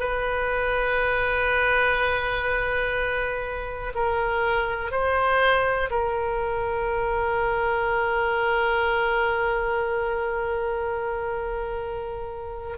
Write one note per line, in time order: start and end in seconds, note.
0.00 3.93 B4
3.95 4.92 A#4
4.92 5.90 C5
5.91 12.78 A#4